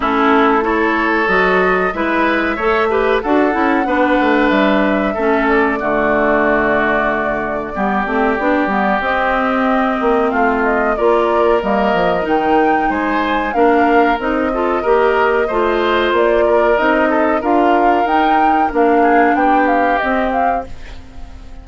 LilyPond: <<
  \new Staff \with { instrumentName = "flute" } { \time 4/4 \tempo 4 = 93 a'4 cis''4 dis''4 e''4~ | e''4 fis''2 e''4~ | e''8 d''2.~ d''8~ | d''2 dis''2 |
f''8 dis''8 d''4 dis''4 g''4 | gis''4 f''4 dis''2~ | dis''4 d''4 dis''4 f''4 | g''4 f''4 g''8 f''8 dis''8 f''8 | }
  \new Staff \with { instrumentName = "oboe" } { \time 4/4 e'4 a'2 b'4 | cis''8 b'8 a'4 b'2 | a'4 fis'2. | g'1 |
f'4 ais'2. | c''4 ais'4. a'8 ais'4 | c''4. ais'4 a'8 ais'4~ | ais'4. gis'8 g'2 | }
  \new Staff \with { instrumentName = "clarinet" } { \time 4/4 cis'4 e'4 fis'4 e'4 | a'8 g'8 fis'8 e'8 d'2 | cis'4 a2. | b8 c'8 d'8 b8 c'2~ |
c'4 f'4 ais4 dis'4~ | dis'4 d'4 dis'8 f'8 g'4 | f'2 dis'4 f'4 | dis'4 d'2 c'4 | }
  \new Staff \with { instrumentName = "bassoon" } { \time 4/4 a2 fis4 gis4 | a4 d'8 cis'8 b8 a8 g4 | a4 d2. | g8 a8 b8 g8 c'4. ais8 |
a4 ais4 g8 f8 dis4 | gis4 ais4 c'4 ais4 | a4 ais4 c'4 d'4 | dis'4 ais4 b4 c'4 | }
>>